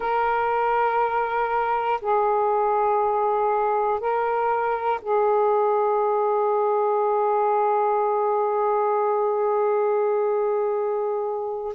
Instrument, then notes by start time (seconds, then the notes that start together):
saxophone
0.00 A#4
2.00 G#4
4.00 A#4
5.01 G#4